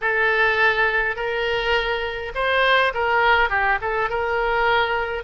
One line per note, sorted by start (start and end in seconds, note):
0.01 1.16 A4
1.16 2.32 A#4
2.34 2.93 C5
2.93 3.49 A#4
3.49 3.78 G4
3.81 4.09 A4
4.09 5.23 A#4